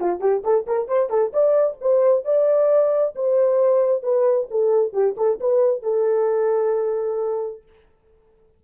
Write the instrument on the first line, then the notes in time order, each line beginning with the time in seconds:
horn
0.00 F4
0.21 G4
0.44 A4
0.67 A#4
0.88 C5
1.10 A4
1.33 D5
1.81 C5
2.25 D5
3.15 C5
4.03 B4
4.51 A4
4.93 G4
5.17 A4
5.41 B4
5.83 A4